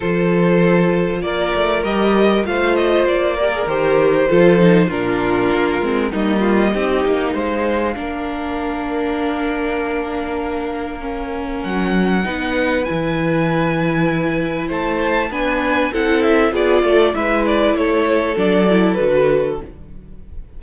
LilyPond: <<
  \new Staff \with { instrumentName = "violin" } { \time 4/4 \tempo 4 = 98 c''2 d''4 dis''4 | f''8 dis''8 d''4 c''2 | ais'2 dis''2 | f''1~ |
f''2. fis''4~ | fis''4 gis''2. | a''4 gis''4 fis''8 e''8 d''4 | e''8 d''8 cis''4 d''4 b'4 | }
  \new Staff \with { instrumentName = "violin" } { \time 4/4 a'2 ais'2 | c''4. ais'4. a'4 | f'2 dis'8 f'8 g'4 | c''4 ais'2.~ |
ais'1 | b'1 | c''4 b'4 a'4 gis'8 a'8 | b'4 a'2. | }
  \new Staff \with { instrumentName = "viola" } { \time 4/4 f'2. g'4 | f'4. g'16 gis'16 g'4 f'8 dis'8 | d'4. c'8 ais4 dis'4~ | dis'4 d'2.~ |
d'2 cis'2 | dis'4 e'2.~ | e'4 d'4 e'4 f'4 | e'2 d'8 e'8 fis'4 | }
  \new Staff \with { instrumentName = "cello" } { \time 4/4 f2 ais8 a8 g4 | a4 ais4 dis4 f4 | ais,4 ais8 gis8 g4 c'8 ais8 | gis4 ais2.~ |
ais2. fis4 | b4 e2. | a4 b4 c'4 b8 a8 | gis4 a4 fis4 d4 | }
>>